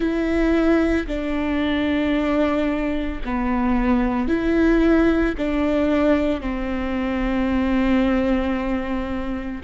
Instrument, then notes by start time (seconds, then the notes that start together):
viola
0.00 E4
1.07 D4
3.24 B3
4.28 E4
5.37 D4
6.40 C4